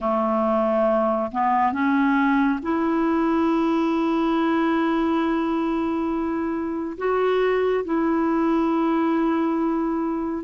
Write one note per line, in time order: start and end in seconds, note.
0.00 1.31 A3
1.31 1.72 B3
1.72 2.59 C#4
2.62 6.97 E4
6.97 7.84 F#4
7.84 10.44 E4